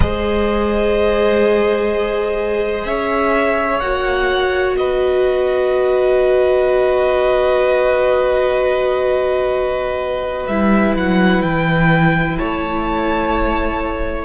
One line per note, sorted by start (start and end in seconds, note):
0.00 2.85 G#3
0.00 3.81 G#4
0.00 2.87 C5
0.00 2.85 D#5
2.85 3.80 C#4
2.85 4.77 C#5
2.85 3.80 E5
3.80 4.76 A#3
3.80 10.48 F#4
3.80 4.75 F#5
4.76 10.47 B3
4.76 12.38 B4
4.76 10.46 D#5
10.46 10.95 G3
10.46 14.25 E4
10.46 10.93 E5
10.95 11.42 F#3
10.95 11.41 F#5
11.41 12.37 E3
11.41 12.37 G5
12.38 14.25 A3
12.38 14.25 C#5
12.38 14.25 A5